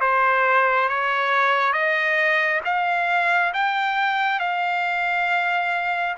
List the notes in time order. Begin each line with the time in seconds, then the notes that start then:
0.00 C5
0.89 C#5
1.72 D#5
2.64 F5
3.53 G5
4.39 F5